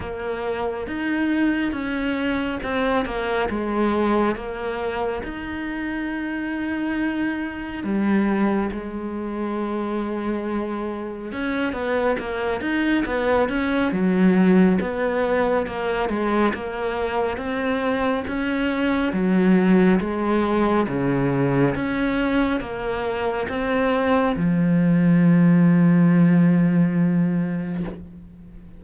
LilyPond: \new Staff \with { instrumentName = "cello" } { \time 4/4 \tempo 4 = 69 ais4 dis'4 cis'4 c'8 ais8 | gis4 ais4 dis'2~ | dis'4 g4 gis2~ | gis4 cis'8 b8 ais8 dis'8 b8 cis'8 |
fis4 b4 ais8 gis8 ais4 | c'4 cis'4 fis4 gis4 | cis4 cis'4 ais4 c'4 | f1 | }